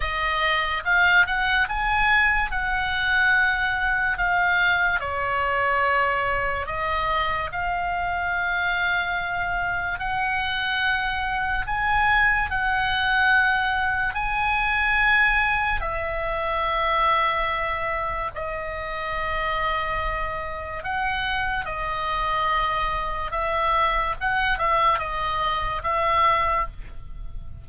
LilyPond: \new Staff \with { instrumentName = "oboe" } { \time 4/4 \tempo 4 = 72 dis''4 f''8 fis''8 gis''4 fis''4~ | fis''4 f''4 cis''2 | dis''4 f''2. | fis''2 gis''4 fis''4~ |
fis''4 gis''2 e''4~ | e''2 dis''2~ | dis''4 fis''4 dis''2 | e''4 fis''8 e''8 dis''4 e''4 | }